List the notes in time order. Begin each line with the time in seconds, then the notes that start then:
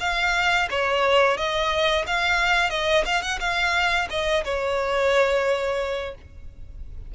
0.00 F5
0.70 C#5
1.37 D#5
2.07 F5
2.70 D#5
3.05 F5
3.22 F#5
3.40 F5
4.10 D#5
4.44 C#5